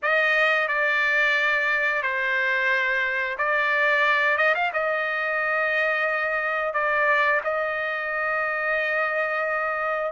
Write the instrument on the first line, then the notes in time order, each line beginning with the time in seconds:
trumpet
0.02 D#5
0.67 D5
2.02 C5
3.38 D5
4.37 D#5
4.54 F5
4.73 D#5
6.73 D5
7.43 D#5